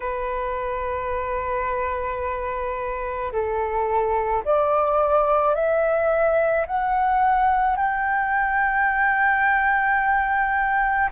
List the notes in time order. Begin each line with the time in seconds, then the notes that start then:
0.00 B4
3.32 A4
4.44 D5
5.55 E5
6.66 F#5
7.76 G5